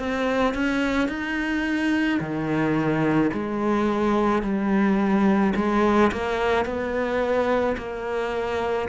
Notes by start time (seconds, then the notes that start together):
0.00 C4
0.55 C#4
1.09 D#4
2.20 D#3
3.34 G#3
4.43 G3
5.56 G#3
6.13 A#3
6.66 B3
7.78 A#3